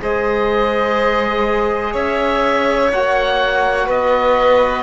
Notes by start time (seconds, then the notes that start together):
0.00 G#3 G#4 C5 D#5
1.92 C#4 C#5 E5
2.92 A#3 F#4 F#5
3.86 B3 B4 D#5